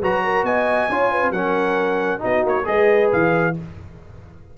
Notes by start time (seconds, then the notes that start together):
0.00 F#3 F#4 B4 A#5
0.23 A#4
0.43 B3 D#5 G#5
0.89 C#4 F4 C#5
1.11 B4
1.30 F#3 C#4 A#4 F#5
2.19 B3 D#4 F#4 D#5
2.44 A#3 C#5
2.64 G#3 G#4 B4 D#5
3.12 E3 F5